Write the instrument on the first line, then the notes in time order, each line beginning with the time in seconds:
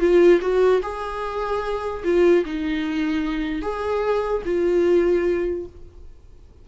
viola
0.00 F4
0.41 F#4
0.83 G#4
2.04 F4
2.45 D#4
3.62 G#4
4.45 F4